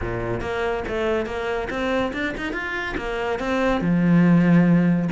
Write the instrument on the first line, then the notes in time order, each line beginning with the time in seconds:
cello
0.01 A#2
0.40 A#3
0.87 A3
1.26 A#3
1.69 C4
2.13 D4
2.37 D#4
2.52 F4
2.97 A#3
3.39 C4
3.81 F3